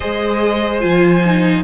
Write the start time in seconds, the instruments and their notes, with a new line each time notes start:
0.00 cello G#3, viola G#4, violin C5 D#5
0.79 cello F3, viola F4, violin G#5
1.25 viola D#4